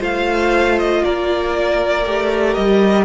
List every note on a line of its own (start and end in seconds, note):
0.00 1.03 A3
0.00 2.03 F4
0.00 1.02 C5
0.00 0.79 F5
0.79 1.04 D#5
1.04 2.06 A#3
1.04 3.05 A#4
1.04 2.54 D5
2.06 2.57 A3
2.06 3.05 G4
2.54 3.05 G3
2.54 3.05 D#5